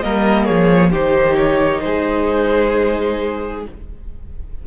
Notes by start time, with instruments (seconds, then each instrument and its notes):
0.00 cello G3, viola A#3, violin A#4 D#5
0.45 cello F3, violin G#4 C#5
0.90 cello D#3, viola D#4, violin G4 C5
1.37 violin C#5
1.80 cello G#3, violin G#4 C5